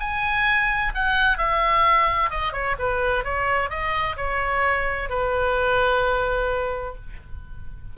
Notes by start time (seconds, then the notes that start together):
0.00 G#5
0.95 F#5
1.38 E5
2.31 D#5
2.53 C#5
2.79 B4
3.24 C#5
3.70 D#5
4.17 C#5
5.10 B4